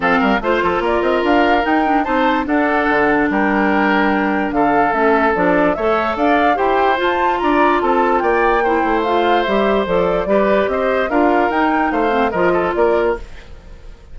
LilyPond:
<<
  \new Staff \with { instrumentName = "flute" } { \time 4/4 \tempo 4 = 146 f''4 c''4 d''8 dis''8 f''4 | g''4 a''4 fis''2 | g''2. f''4 | e''4 d''4 e''4 f''4 |
g''4 a''4 ais''4 a''4 | g''2 f''4 e''4 | d''2 dis''4 f''4 | g''4 f''4 dis''4 d''4 | }
  \new Staff \with { instrumentName = "oboe" } { \time 4/4 a'8 ais'8 c''8 a'8 ais'2~ | ais'4 c''4 a'2 | ais'2. a'4~ | a'2 cis''4 d''4 |
c''2 d''4 a'4 | d''4 c''2.~ | c''4 b'4 c''4 ais'4~ | ais'4 c''4 ais'8 a'8 ais'4 | }
  \new Staff \with { instrumentName = "clarinet" } { \time 4/4 c'4 f'2. | dis'8 d'8 dis'4 d'2~ | d'1 | cis'4 d'4 a'2 |
g'4 f'2.~ | f'4 e'4 f'4 g'4 | a'4 g'2 f'4 | dis'4. c'8 f'2 | }
  \new Staff \with { instrumentName = "bassoon" } { \time 4/4 f8 g8 a8 f8 ais8 c'8 d'4 | dis'4 c'4 d'4 d4 | g2. d4 | a4 f4 a4 d'4 |
e'4 f'4 d'4 c'4 | ais4. a4. g4 | f4 g4 c'4 d'4 | dis'4 a4 f4 ais4 | }
>>